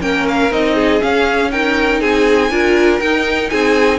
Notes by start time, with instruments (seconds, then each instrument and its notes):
0.00 cello A#3, viola C#4, violin A#4 G5
0.29 violin F5
0.51 cello C4, viola D#4, violin D#5
0.75 violin G#4
1.00 viola C#4, cello C#4, violin F5
1.51 viola D#4, violin A#4 G5
2.01 cello C4, violin G#4 G#5
2.51 cello D4, viola F4, violin A#4
2.99 cello D#4, viola D#4, violin G5
3.49 cello C4, violin G#4 G#5